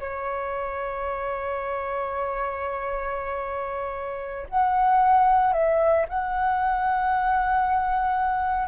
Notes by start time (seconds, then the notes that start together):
0.00 C#5
4.50 F#5
5.54 E5
6.09 F#5